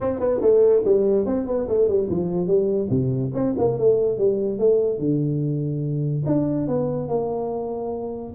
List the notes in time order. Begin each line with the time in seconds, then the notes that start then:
0.00 C4
0.19 B3
0.41 A3
0.84 G3
1.26 C4
1.46 B3
1.68 A3
1.87 G3
2.09 F3
2.47 G3
2.90 C3
3.34 C4
3.58 A#3
3.78 A3
4.18 G3
4.59 A3
4.98 D3
6.26 D4
6.67 B3
7.08 A#3